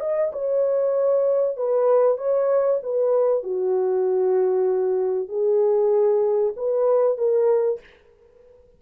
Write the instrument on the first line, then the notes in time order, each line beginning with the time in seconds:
horn
0.00 D#5
0.32 C#5
1.57 B4
2.18 C#5
2.83 B4
3.43 F#4
5.29 G#4
6.57 B4
7.18 A#4